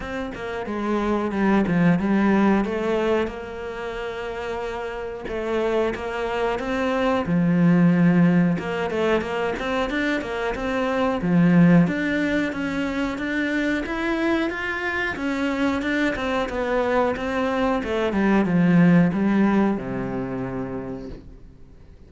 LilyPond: \new Staff \with { instrumentName = "cello" } { \time 4/4 \tempo 4 = 91 c'8 ais8 gis4 g8 f8 g4 | a4 ais2. | a4 ais4 c'4 f4~ | f4 ais8 a8 ais8 c'8 d'8 ais8 |
c'4 f4 d'4 cis'4 | d'4 e'4 f'4 cis'4 | d'8 c'8 b4 c'4 a8 g8 | f4 g4 c2 | }